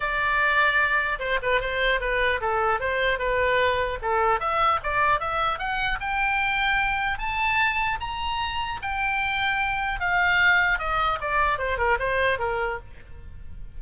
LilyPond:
\new Staff \with { instrumentName = "oboe" } { \time 4/4 \tempo 4 = 150 d''2. c''8 b'8 | c''4 b'4 a'4 c''4 | b'2 a'4 e''4 | d''4 e''4 fis''4 g''4~ |
g''2 a''2 | ais''2 g''2~ | g''4 f''2 dis''4 | d''4 c''8 ais'8 c''4 ais'4 | }